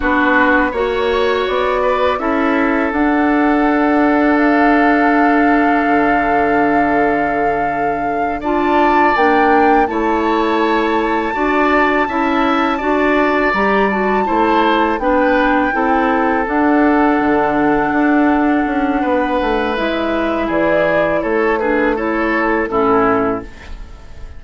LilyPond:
<<
  \new Staff \with { instrumentName = "flute" } { \time 4/4 \tempo 4 = 82 b'4 cis''4 d''4 e''4 | fis''2 f''2~ | f''2.~ f''8 a''8~ | a''8 g''4 a''2~ a''8~ |
a''2~ a''8 ais''8 a''4~ | a''8 g''2 fis''4.~ | fis''2. e''4 | d''4 cis''8 b'8 cis''4 a'4 | }
  \new Staff \with { instrumentName = "oboe" } { \time 4/4 fis'4 cis''4. b'8 a'4~ | a'1~ | a'2.~ a'8 d''8~ | d''4. cis''2 d''8~ |
d''8 e''4 d''2 c''8~ | c''8 b'4 a'2~ a'8~ | a'2 b'2 | gis'4 a'8 gis'8 a'4 e'4 | }
  \new Staff \with { instrumentName = "clarinet" } { \time 4/4 d'4 fis'2 e'4 | d'1~ | d'2.~ d'8 f'8~ | f'8 d'4 e'2 fis'8~ |
fis'8 e'4 fis'4 g'8 fis'8 e'8~ | e'8 d'4 e'4 d'4.~ | d'2. e'4~ | e'4. d'8 e'4 cis'4 | }
  \new Staff \with { instrumentName = "bassoon" } { \time 4/4 b4 ais4 b4 cis'4 | d'1 | d2.~ d8 d'8~ | d'8 ais4 a2 d'8~ |
d'8 cis'4 d'4 g4 a8~ | a8 b4 c'4 d'4 d8~ | d8 d'4 cis'8 b8 a8 gis4 | e4 a2 a,4 | }
>>